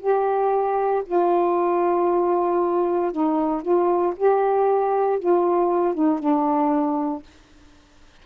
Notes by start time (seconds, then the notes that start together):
0.00 G4
1.06 F4
3.12 D#4
3.62 F4
4.17 G4
5.20 F4
5.95 D#4
6.20 D4